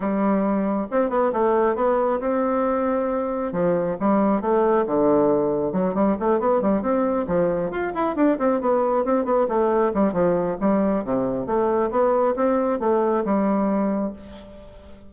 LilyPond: \new Staff \with { instrumentName = "bassoon" } { \time 4/4 \tempo 4 = 136 g2 c'8 b8 a4 | b4 c'2. | f4 g4 a4 d4~ | d4 fis8 g8 a8 b8 g8 c'8~ |
c'8 f4 f'8 e'8 d'8 c'8 b8~ | b8 c'8 b8 a4 g8 f4 | g4 c4 a4 b4 | c'4 a4 g2 | }